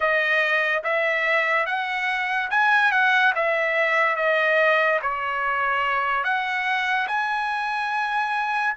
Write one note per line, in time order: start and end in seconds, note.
0.00 0.83 D#5
0.83 1.66 E5
1.66 2.49 F#5
2.50 2.91 G#5
2.91 3.33 F#5
3.35 4.16 E5
4.16 4.99 D#5
5.02 6.23 C#5
6.23 7.07 F#5
7.07 8.74 G#5